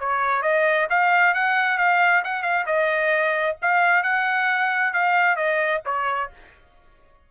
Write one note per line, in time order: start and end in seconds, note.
0.00 0.43 C#5
0.43 0.88 D#5
0.90 1.35 F5
1.35 1.78 F#5
1.78 2.24 F5
2.25 2.43 F#5
2.43 2.66 F5
2.67 3.57 D#5
3.62 4.04 F5
4.04 4.94 F#5
4.94 5.37 F5
5.37 5.82 D#5
5.86 6.31 C#5